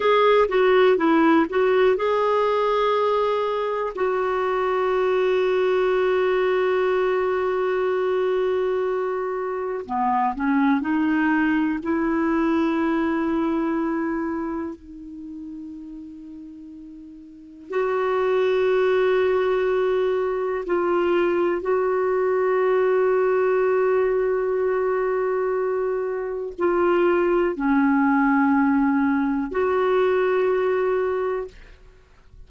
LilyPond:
\new Staff \with { instrumentName = "clarinet" } { \time 4/4 \tempo 4 = 61 gis'8 fis'8 e'8 fis'8 gis'2 | fis'1~ | fis'2 b8 cis'8 dis'4 | e'2. dis'4~ |
dis'2 fis'2~ | fis'4 f'4 fis'2~ | fis'2. f'4 | cis'2 fis'2 | }